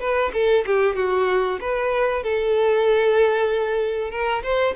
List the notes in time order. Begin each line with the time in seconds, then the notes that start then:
0.00 B4
0.33 A4
0.66 G4
0.95 F#4
1.61 B4
2.23 A4
4.11 A#4
4.43 C5